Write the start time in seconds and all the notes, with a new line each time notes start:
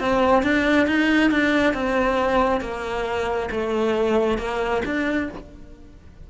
0.00 C4
0.43 D4
0.87 D#4
1.31 D4
1.73 C4
2.61 A#3
3.51 A3
4.38 A#3
4.85 D4